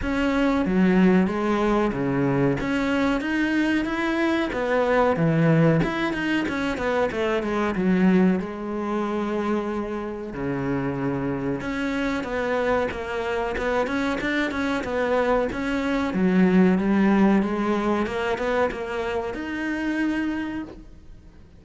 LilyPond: \new Staff \with { instrumentName = "cello" } { \time 4/4 \tempo 4 = 93 cis'4 fis4 gis4 cis4 | cis'4 dis'4 e'4 b4 | e4 e'8 dis'8 cis'8 b8 a8 gis8 | fis4 gis2. |
cis2 cis'4 b4 | ais4 b8 cis'8 d'8 cis'8 b4 | cis'4 fis4 g4 gis4 | ais8 b8 ais4 dis'2 | }